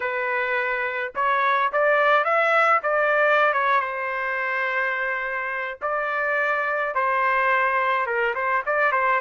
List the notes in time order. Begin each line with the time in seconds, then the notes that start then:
0.00 B4
1.15 C#5
1.72 D5
2.24 E5
2.82 D5
3.53 C#5
3.80 C5
5.81 D5
6.94 C5
8.06 A#4
8.34 C5
8.66 D5
8.92 C5